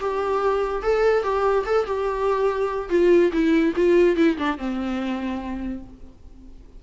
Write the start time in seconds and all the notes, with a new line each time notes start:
0.00 G4
0.83 A4
1.23 G4
1.66 A4
1.86 G4
2.90 F4
3.32 E4
3.76 F4
4.16 E4
4.38 D4
4.58 C4